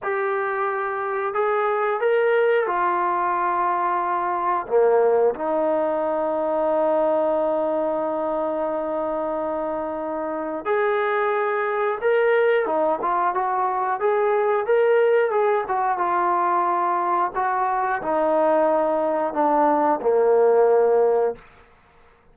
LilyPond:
\new Staff \with { instrumentName = "trombone" } { \time 4/4 \tempo 4 = 90 g'2 gis'4 ais'4 | f'2. ais4 | dis'1~ | dis'1 |
gis'2 ais'4 dis'8 f'8 | fis'4 gis'4 ais'4 gis'8 fis'8 | f'2 fis'4 dis'4~ | dis'4 d'4 ais2 | }